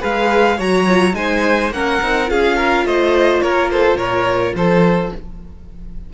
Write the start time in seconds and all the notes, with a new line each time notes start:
0.00 G#3 G#4 B4 F5
0.58 F#3 F#4 C#5 A#5
0.88 F4
1.13 G#3 D#4 C5 G#5
1.71 A#3 C#4 A#4 F#5
2.02 C4 D#4
2.27 C#4 F4 G#4 F5
2.57 A#4
2.85 A3 C5 D#5
3.41 A#3 A#4 C#5
3.71 A4 C5
3.96 A#2 A#4 C#5
4.55 F3 A4 C5